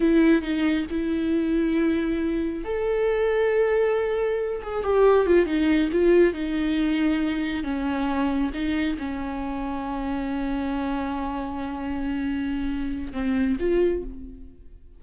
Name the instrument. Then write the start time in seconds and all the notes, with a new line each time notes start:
viola
0.00 E4
0.42 D#4
0.90 E4
2.64 A4
4.62 G#4
4.83 G4
5.26 F4
5.45 D#4
5.91 F4
6.33 D#4
7.63 C#4
8.53 D#4
8.98 C#4
13.12 C4
13.59 F4